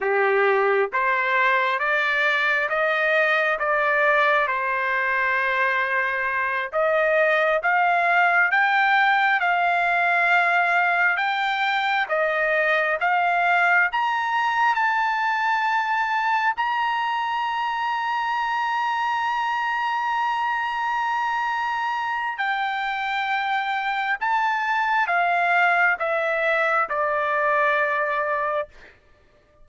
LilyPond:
\new Staff \with { instrumentName = "trumpet" } { \time 4/4 \tempo 4 = 67 g'4 c''4 d''4 dis''4 | d''4 c''2~ c''8 dis''8~ | dis''8 f''4 g''4 f''4.~ | f''8 g''4 dis''4 f''4 ais''8~ |
ais''8 a''2 ais''4.~ | ais''1~ | ais''4 g''2 a''4 | f''4 e''4 d''2 | }